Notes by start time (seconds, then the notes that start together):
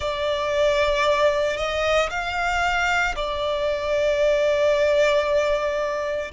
0.00 D5
1.56 D#5
2.10 F5
3.15 D5